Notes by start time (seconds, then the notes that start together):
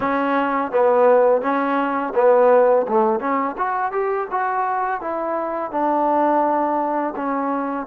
0.00 C#4
0.71 B3
1.41 C#4
2.14 B3
2.88 A3
3.19 C#4
3.57 F#4
3.92 G4
4.31 F#4
5.00 E4
5.71 D4
7.16 C#4